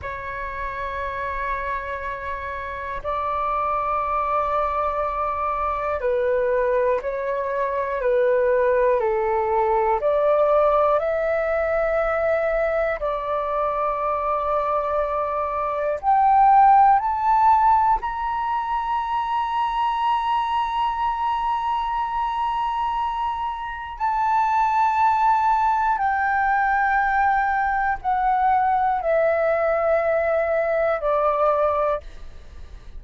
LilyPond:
\new Staff \with { instrumentName = "flute" } { \time 4/4 \tempo 4 = 60 cis''2. d''4~ | d''2 b'4 cis''4 | b'4 a'4 d''4 e''4~ | e''4 d''2. |
g''4 a''4 ais''2~ | ais''1 | a''2 g''2 | fis''4 e''2 d''4 | }